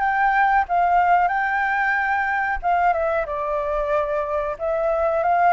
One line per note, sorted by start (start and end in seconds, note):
0.00 0.65 G5
0.69 1.28 F5
1.28 2.59 G5
2.63 2.93 F5
2.93 3.26 E5
3.26 4.57 D5
4.59 5.24 E5
5.24 5.54 F5